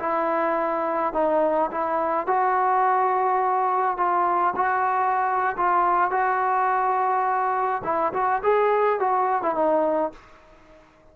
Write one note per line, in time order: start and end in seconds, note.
0.00 1.14 E4
1.14 1.71 D#4
1.72 2.27 E4
2.27 3.98 F#4
3.98 4.55 F4
4.57 5.57 F#4
5.57 6.11 F4
6.11 7.83 F#4
7.85 8.13 E4
8.14 8.42 F#4
8.44 9.00 G#4
9.00 9.43 F#4
9.43 9.56 E4
9.56 10.13 D#4